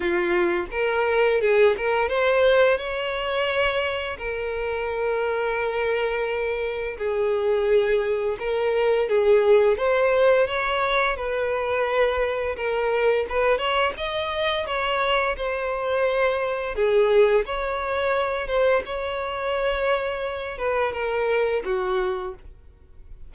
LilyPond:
\new Staff \with { instrumentName = "violin" } { \time 4/4 \tempo 4 = 86 f'4 ais'4 gis'8 ais'8 c''4 | cis''2 ais'2~ | ais'2 gis'2 | ais'4 gis'4 c''4 cis''4 |
b'2 ais'4 b'8 cis''8 | dis''4 cis''4 c''2 | gis'4 cis''4. c''8 cis''4~ | cis''4. b'8 ais'4 fis'4 | }